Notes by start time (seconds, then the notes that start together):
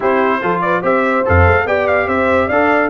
0.00 C4 E4 G4 C5
0.41 F3 F4 A4
0.61 B4 D5
0.82 C4 G4 C5 E5
1.25 F2 A4 F5
1.47 A3
1.65 B3 G4 D5 G5
1.87 F5
2.07 C4 C5 E5
2.46 D4 A4 D5 F5